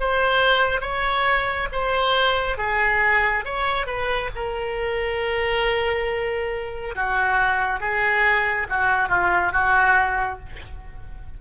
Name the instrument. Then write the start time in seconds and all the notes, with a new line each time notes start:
oboe
0.00 C5
0.81 C#5
1.72 C5
2.58 G#4
3.45 C#5
3.87 B4
4.35 A#4
6.95 F#4
7.80 G#4
8.70 F#4
9.09 F4
9.52 F#4